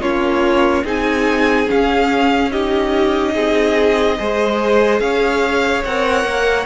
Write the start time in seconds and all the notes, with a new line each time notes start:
0.00 A#3 C#4 F4 C#5
0.84 C4 D#4 G#4 G#5
1.67 C#4 F5
2.51 D#4 G4 D#5
3.34 C4 G#4
4.18 G#3 G#4 C5
5.00 C#4 C#5 F5
5.85 C4 A#4 F#5
6.24 A#3